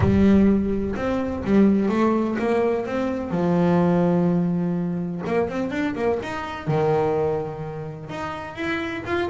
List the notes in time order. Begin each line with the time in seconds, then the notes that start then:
0.00 G3
0.95 C4
1.44 G3
1.89 A3
2.38 A#3
2.85 C4
3.31 F3
5.26 A#3
5.48 C4
5.70 D4
5.95 A#3
6.22 D#4
6.67 D#3
8.09 D#4
8.55 E4
9.05 F4